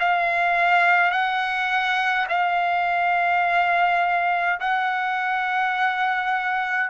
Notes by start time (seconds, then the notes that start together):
0.00 F5
1.12 F#5
2.29 F5
4.60 F#5